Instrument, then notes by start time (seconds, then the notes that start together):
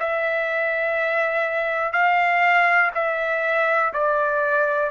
trumpet
0.00 E5
1.92 F5
2.94 E5
3.93 D5